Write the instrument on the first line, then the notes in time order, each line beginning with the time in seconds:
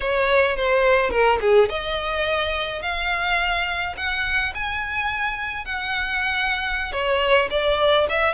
violin
0.00 C#5
0.56 C5
1.10 A#4
1.40 G#4
1.69 D#5
2.81 F5
3.96 F#5
4.54 G#5
5.64 F#5
6.92 C#5
7.50 D5
8.09 E5